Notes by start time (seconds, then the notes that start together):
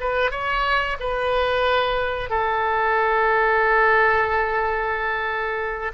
0.00 B4
0.31 C#5
1.00 B4
2.30 A4